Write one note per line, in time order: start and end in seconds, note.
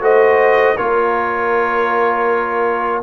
0.00 0.75 A3
0.00 0.76 F#4
0.00 0.75 C5
0.00 0.77 D#5
0.75 3.03 A#3
0.75 3.03 F4
0.75 3.00 A#4
0.75 3.02 C#5